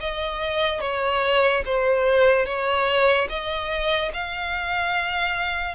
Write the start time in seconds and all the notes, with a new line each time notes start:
0.00 D#5
0.80 C#5
1.65 C5
2.45 C#5
3.29 D#5
4.13 F5